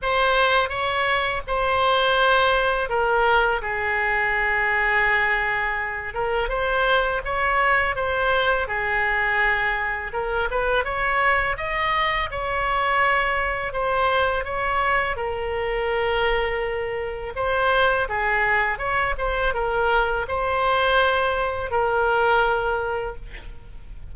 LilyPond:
\new Staff \with { instrumentName = "oboe" } { \time 4/4 \tempo 4 = 83 c''4 cis''4 c''2 | ais'4 gis'2.~ | gis'8 ais'8 c''4 cis''4 c''4 | gis'2 ais'8 b'8 cis''4 |
dis''4 cis''2 c''4 | cis''4 ais'2. | c''4 gis'4 cis''8 c''8 ais'4 | c''2 ais'2 | }